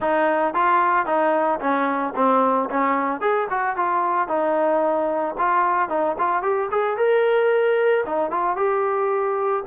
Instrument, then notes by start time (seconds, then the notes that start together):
trombone
0.00 D#4
0.54 F4
1.06 D#4
1.59 C#4
2.15 C4
2.70 C#4
3.20 G#4
3.50 F#4
3.76 F4
4.28 D#4
5.37 F4
5.89 D#4
6.18 F4
6.42 G4
6.71 G#4
6.97 A#4
8.06 D#4
8.31 F4
8.56 G4